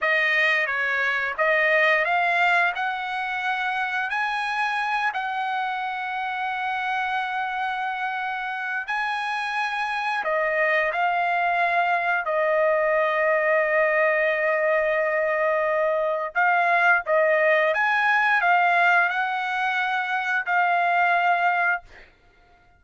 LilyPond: \new Staff \with { instrumentName = "trumpet" } { \time 4/4 \tempo 4 = 88 dis''4 cis''4 dis''4 f''4 | fis''2 gis''4. fis''8~ | fis''1~ | fis''4 gis''2 dis''4 |
f''2 dis''2~ | dis''1 | f''4 dis''4 gis''4 f''4 | fis''2 f''2 | }